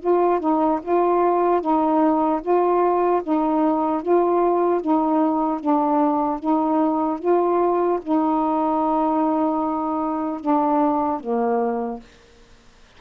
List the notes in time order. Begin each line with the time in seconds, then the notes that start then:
0.00 F4
0.40 D#4
0.82 F4
1.61 D#4
2.42 F4
3.23 D#4
4.02 F4
4.81 D#4
5.60 D4
6.39 D#4
7.19 F4
8.02 D#4
10.40 D4
11.20 A#3